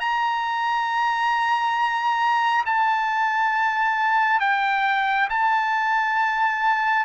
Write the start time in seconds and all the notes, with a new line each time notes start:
0.00 A#5
2.66 A5
4.40 G5
5.29 A5